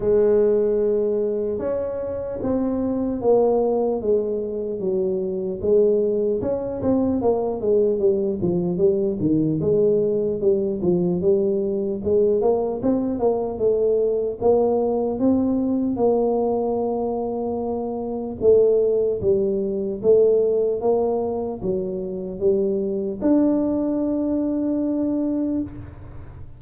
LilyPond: \new Staff \with { instrumentName = "tuba" } { \time 4/4 \tempo 4 = 75 gis2 cis'4 c'4 | ais4 gis4 fis4 gis4 | cis'8 c'8 ais8 gis8 g8 f8 g8 dis8 | gis4 g8 f8 g4 gis8 ais8 |
c'8 ais8 a4 ais4 c'4 | ais2. a4 | g4 a4 ais4 fis4 | g4 d'2. | }